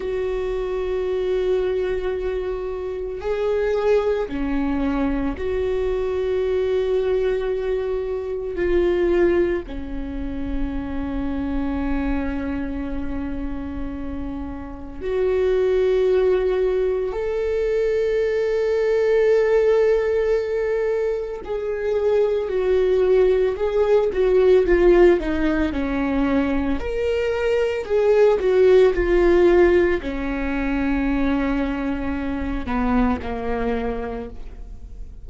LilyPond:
\new Staff \with { instrumentName = "viola" } { \time 4/4 \tempo 4 = 56 fis'2. gis'4 | cis'4 fis'2. | f'4 cis'2.~ | cis'2 fis'2 |
a'1 | gis'4 fis'4 gis'8 fis'8 f'8 dis'8 | cis'4 ais'4 gis'8 fis'8 f'4 | cis'2~ cis'8 b8 ais4 | }